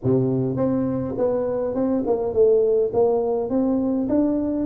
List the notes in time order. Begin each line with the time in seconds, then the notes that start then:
0.03 C3
0.56 C4
1.17 B3
1.74 C4
2.06 A#3
2.33 A3
2.93 A#3
3.50 C4
4.08 D4